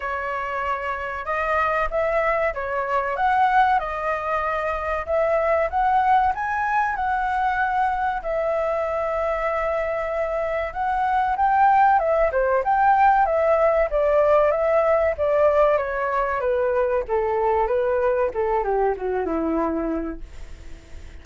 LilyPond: \new Staff \with { instrumentName = "flute" } { \time 4/4 \tempo 4 = 95 cis''2 dis''4 e''4 | cis''4 fis''4 dis''2 | e''4 fis''4 gis''4 fis''4~ | fis''4 e''2.~ |
e''4 fis''4 g''4 e''8 c''8 | g''4 e''4 d''4 e''4 | d''4 cis''4 b'4 a'4 | b'4 a'8 g'8 fis'8 e'4. | }